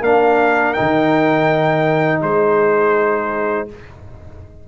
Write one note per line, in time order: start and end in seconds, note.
0.00 0.73 A#3
0.00 0.75 D4
0.00 2.20 A#4
0.00 0.73 F5
0.73 3.68 D#4
0.73 2.19 G5
0.80 2.22 D#3
2.20 3.68 G#3
2.20 3.66 G#4
2.20 3.68 C5